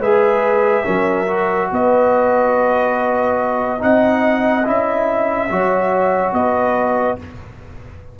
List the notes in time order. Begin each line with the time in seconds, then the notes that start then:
0.00 G#3 G#4 B4 E5
0.85 F#3 C#4 A#4
1.27 F#4
1.72 B3 B4 D#5
3.79 C4 D#4 D#5 F#5
4.65 C#4 E4 E5
5.50 F#3 F#4 C#5
6.33 B3 B4 D#5